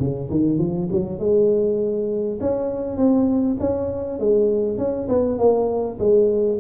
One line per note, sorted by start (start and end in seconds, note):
0.00 0.30 C#3
0.31 0.59 D#3
0.59 0.89 F3
0.92 1.19 F#3
1.19 2.39 G#3
2.41 2.97 C#4
2.97 3.57 C4
3.60 4.20 C#4
4.20 4.78 G#3
4.78 5.08 C#4
5.09 5.39 B3
5.39 5.99 A#3
5.99 6.59 G#3